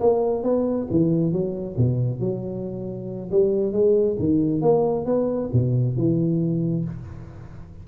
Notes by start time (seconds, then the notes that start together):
0.00 A#3
0.43 B3
0.90 E3
1.32 F#3
1.77 B2
2.20 F#3
3.31 G3
3.72 G#3
4.19 D#3
4.61 A#3
5.06 B3
5.53 B2
5.97 E3